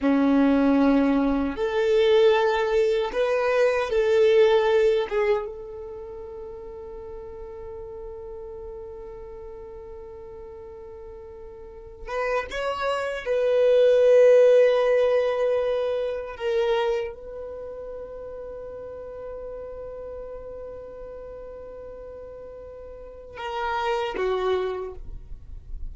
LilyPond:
\new Staff \with { instrumentName = "violin" } { \time 4/4 \tempo 4 = 77 cis'2 a'2 | b'4 a'4. gis'8 a'4~ | a'1~ | a'2.~ a'8 b'8 |
cis''4 b'2.~ | b'4 ais'4 b'2~ | b'1~ | b'2 ais'4 fis'4 | }